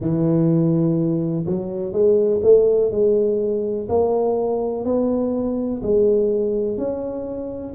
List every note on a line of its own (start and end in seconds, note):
0.00 1.45 E3
1.46 1.92 F#3
1.92 2.41 G#3
2.42 2.91 A3
2.91 3.88 G#3
3.88 4.84 A#3
4.84 5.81 B3
5.82 6.77 G#3
6.77 7.74 C#4